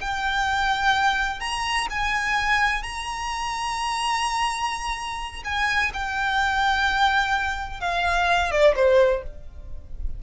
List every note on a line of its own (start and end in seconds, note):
0.00 1.40 G5
1.40 1.87 A#5
1.90 2.83 G#5
2.83 5.42 A#5
5.44 5.91 G#5
5.93 7.80 G5
7.80 8.51 F5
8.51 8.75 D5
8.75 9.23 C5